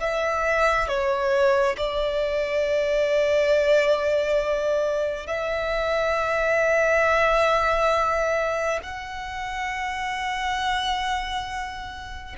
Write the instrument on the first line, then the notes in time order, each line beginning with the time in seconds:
violin
0.00 E5
0.88 C#5
1.78 D5
5.27 E5
8.83 F#5